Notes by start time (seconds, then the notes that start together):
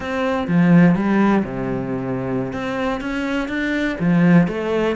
0.00 C4
0.47 F3
0.95 G3
1.44 C3
2.52 C4
3.00 C#4
3.48 D4
3.99 F3
4.47 A3